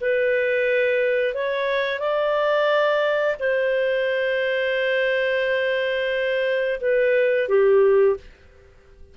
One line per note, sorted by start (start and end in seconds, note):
0.00 1.34 B4
1.34 1.99 C#5
1.99 3.35 D5
3.39 6.80 C5
6.80 7.48 B4
7.48 8.16 G4